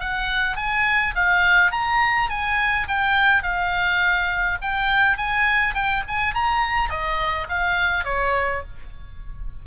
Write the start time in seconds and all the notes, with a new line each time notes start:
0.00 F#5
0.56 G#5
1.15 F5
1.72 A#5
2.30 G#5
2.88 G5
3.43 F5
4.62 G5
5.17 G#5
5.75 G5
6.08 G#5
6.34 A#5
6.90 D#5
7.49 F5
8.05 C#5